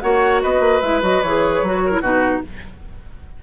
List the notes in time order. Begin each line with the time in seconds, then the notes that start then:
0.00 A#3 F#4 C#5 F#5
0.42 B3 B4 D#5
0.59 A#3
0.81 G#3 E4 E5
1.02 F#3 F#4 D#5
1.22 E3 G#4 C#5
1.62 F#3 F#4
1.85 A#4
1.91 E4
2.00 B2 D#4 F#4 B4